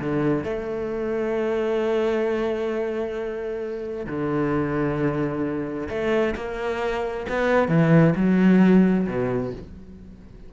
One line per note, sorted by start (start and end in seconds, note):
0.00 0.44 D3
0.44 4.07 A3
4.07 5.88 D3
5.89 6.35 A3
6.36 7.27 A#3
7.29 7.69 B3
7.69 8.14 E3
8.16 9.07 F#3
9.07 9.53 B2